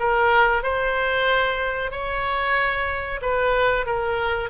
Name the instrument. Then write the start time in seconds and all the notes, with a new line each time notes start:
oboe
0.00 A#4
0.63 C5
1.91 C#5
3.22 B4
3.86 A#4